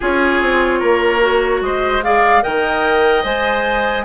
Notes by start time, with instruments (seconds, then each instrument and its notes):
0.00 bassoon C#4, clarinet F4, oboe G#4, flute C#5
0.41 bassoon C4
0.79 bassoon A#3, oboe A#4
1.20 clarinet F#4
1.61 bassoon G#3, oboe C5, flute D#5
2.03 clarinet G#4, oboe D5, flute F5
2.42 bassoon D#3, clarinet A#4, oboe D#5, flute G5
3.23 bassoon G#3, clarinet C5, flute G#5